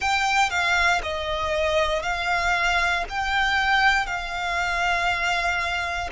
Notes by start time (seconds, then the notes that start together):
0.00 G5
0.50 F5
1.02 D#5
2.02 F5
3.09 G5
4.06 F5